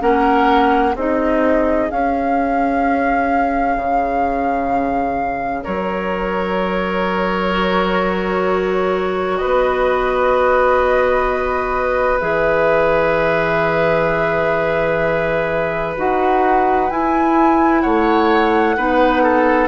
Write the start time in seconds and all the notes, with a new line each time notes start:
0.00 A#3 C#4 A#4 F#5
0.95 C4 D#4 G#4 D#5
1.89 C#4 F5
3.77 C#3
5.63 F#3 A#4 C#5
7.51 F#4
9.38 B4 D#5
9.44 B3
12.20 E3 G#4 E5
15.97 D#4 F#4 F#5
16.90 E4 G#5
17.81 A3 C#5 F#5
18.77 B3 D#4 B4
19.23 A4